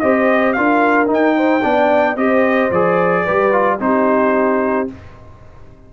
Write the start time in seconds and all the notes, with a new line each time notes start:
0.00 C4 G4 C5 D#5
0.53 D4 F4 A#4 F5
1.07 D#4
1.13 G5
1.37 C5
1.63 B3 D4 D5
2.16 C4 G4 C5 D#5
2.70 F3 G#4 D5
3.24 G3 G4 B4
3.52 F4
3.80 C4 D#4 G4 C5